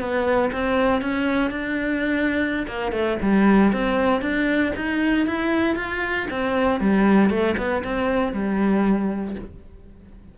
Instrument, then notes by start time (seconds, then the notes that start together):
cello
0.00 B3
0.52 C4
1.02 C#4
1.51 D4
2.68 A#3
2.92 A3
3.22 G3
3.73 C4
4.22 D4
4.76 D#4
5.27 E4
5.76 F4
6.31 C4
6.80 G3
7.30 A3
7.58 B3
7.84 C4
8.33 G3